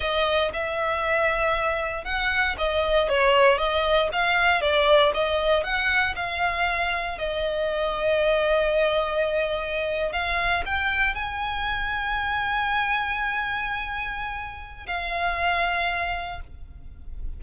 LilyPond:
\new Staff \with { instrumentName = "violin" } { \time 4/4 \tempo 4 = 117 dis''4 e''2. | fis''4 dis''4 cis''4 dis''4 | f''4 d''4 dis''4 fis''4 | f''2 dis''2~ |
dis''2.~ dis''8. f''16~ | f''8. g''4 gis''2~ gis''16~ | gis''1~ | gis''4 f''2. | }